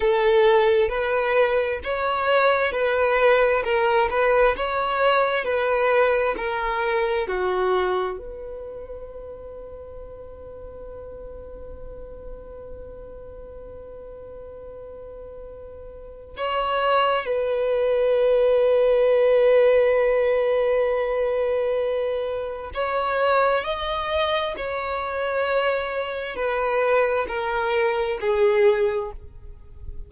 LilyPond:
\new Staff \with { instrumentName = "violin" } { \time 4/4 \tempo 4 = 66 a'4 b'4 cis''4 b'4 | ais'8 b'8 cis''4 b'4 ais'4 | fis'4 b'2.~ | b'1~ |
b'2 cis''4 b'4~ | b'1~ | b'4 cis''4 dis''4 cis''4~ | cis''4 b'4 ais'4 gis'4 | }